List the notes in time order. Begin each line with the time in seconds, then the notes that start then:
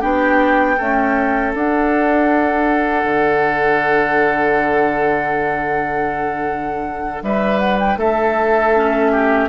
0.00 B3 D4 G4 G5
0.77 A3 C#4 A4
1.54 D4 F#5
3.03 D3
7.22 G3 B4 E5
7.59 F#5
7.79 G5
7.96 A3 A4 E5
8.75 C#4
9.11 G4